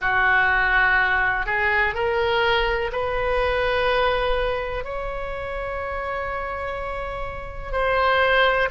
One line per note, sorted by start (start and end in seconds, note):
0.01 1.46 F#4
1.46 1.94 G#4
1.94 2.91 A#4
2.92 4.84 B4
4.84 7.72 C#5
7.72 8.68 C5